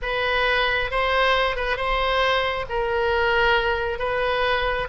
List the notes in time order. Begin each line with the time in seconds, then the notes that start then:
0.01 B4
0.90 C5
1.56 B4
1.76 C5
2.69 A#4
3.99 B4